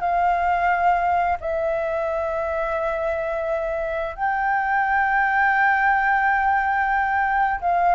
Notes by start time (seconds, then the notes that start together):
0.00 F5
1.40 E5
4.16 G5
7.61 F5